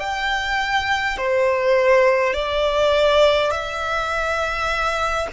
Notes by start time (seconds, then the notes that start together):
0.00 G5
1.18 C5
2.34 D5
3.51 E5